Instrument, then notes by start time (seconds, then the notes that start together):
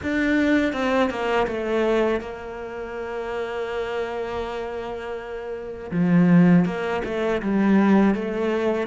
cello
0.02 D4
0.72 C4
1.09 A#3
1.47 A3
2.20 A#3
5.91 F3
6.65 A#3
7.04 A3
7.41 G3
8.14 A3